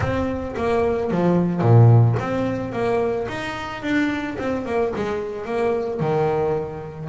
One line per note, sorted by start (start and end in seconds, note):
0.00 0.55 C4
0.56 1.11 A#3
1.11 1.61 F3
1.61 2.16 A#2
2.19 2.72 C4
2.72 3.27 A#3
3.28 3.82 D#4
3.82 4.37 D4
4.38 4.65 C4
4.65 4.92 A#3
4.95 5.45 G#3
5.45 6.00 A#3
6.00 7.09 D#3